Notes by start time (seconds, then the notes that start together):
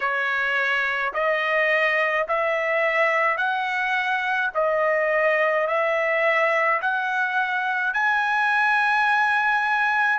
0.00 C#5
1.13 D#5
2.27 E5
3.37 F#5
4.54 D#5
5.67 E5
6.81 F#5
7.93 G#5